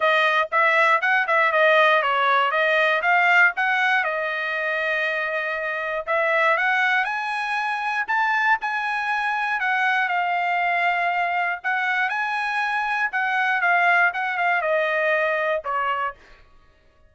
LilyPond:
\new Staff \with { instrumentName = "trumpet" } { \time 4/4 \tempo 4 = 119 dis''4 e''4 fis''8 e''8 dis''4 | cis''4 dis''4 f''4 fis''4 | dis''1 | e''4 fis''4 gis''2 |
a''4 gis''2 fis''4 | f''2. fis''4 | gis''2 fis''4 f''4 | fis''8 f''8 dis''2 cis''4 | }